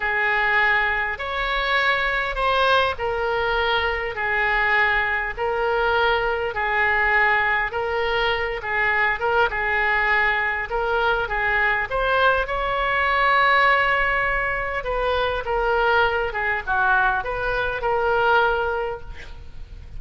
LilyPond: \new Staff \with { instrumentName = "oboe" } { \time 4/4 \tempo 4 = 101 gis'2 cis''2 | c''4 ais'2 gis'4~ | gis'4 ais'2 gis'4~ | gis'4 ais'4. gis'4 ais'8 |
gis'2 ais'4 gis'4 | c''4 cis''2.~ | cis''4 b'4 ais'4. gis'8 | fis'4 b'4 ais'2 | }